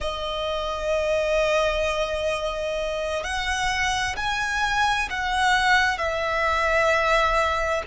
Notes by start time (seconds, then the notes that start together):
0.00 D#5
3.23 F#5
4.16 G#5
5.09 F#5
5.97 E5